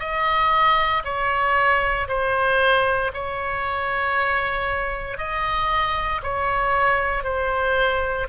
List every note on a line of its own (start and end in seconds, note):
0.00 1.03 D#5
1.04 2.08 C#5
2.08 3.12 C5
3.14 5.18 C#5
5.18 6.22 D#5
6.24 7.24 C#5
7.24 8.28 C5